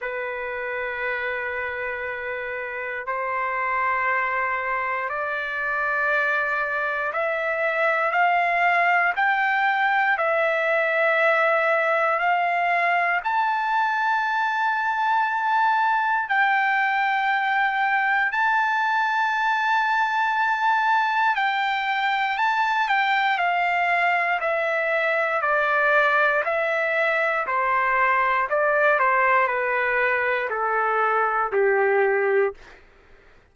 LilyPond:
\new Staff \with { instrumentName = "trumpet" } { \time 4/4 \tempo 4 = 59 b'2. c''4~ | c''4 d''2 e''4 | f''4 g''4 e''2 | f''4 a''2. |
g''2 a''2~ | a''4 g''4 a''8 g''8 f''4 | e''4 d''4 e''4 c''4 | d''8 c''8 b'4 a'4 g'4 | }